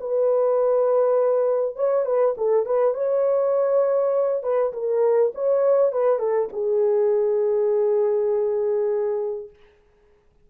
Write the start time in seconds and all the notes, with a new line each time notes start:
0.00 B4
1.76 C#5
2.05 B4
2.37 A4
2.66 B4
2.94 C#5
4.43 B4
4.73 A#4
5.35 C#5
5.92 B4
6.19 A4
6.53 G#4